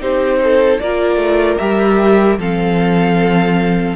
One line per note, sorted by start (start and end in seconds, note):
0.00 0.80 C4
0.00 0.79 D#4
0.00 0.40 G4
0.00 0.80 C5
0.44 0.82 A4
0.80 1.17 A#3
0.80 1.59 F4
0.80 2.39 A#4
0.80 1.58 D5
1.17 1.56 A3
1.58 2.38 G3
1.58 2.38 G4
1.58 2.37 E5
2.38 3.96 F3
2.38 3.96 C4
2.38 3.96 A4
2.38 3.96 F5